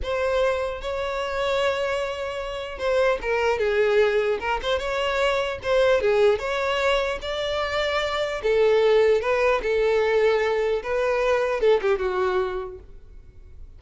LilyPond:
\new Staff \with { instrumentName = "violin" } { \time 4/4 \tempo 4 = 150 c''2 cis''2~ | cis''2. c''4 | ais'4 gis'2 ais'8 c''8 | cis''2 c''4 gis'4 |
cis''2 d''2~ | d''4 a'2 b'4 | a'2. b'4~ | b'4 a'8 g'8 fis'2 | }